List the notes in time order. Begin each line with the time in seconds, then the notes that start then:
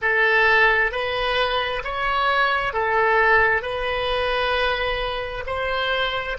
0.01 A4
0.91 B4
1.83 C#5
2.73 A4
3.62 B4
5.46 C5